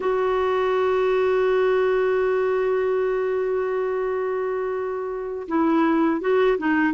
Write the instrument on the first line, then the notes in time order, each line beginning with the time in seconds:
clarinet
0.00 F#4
5.48 E4
6.20 F#4
6.58 D#4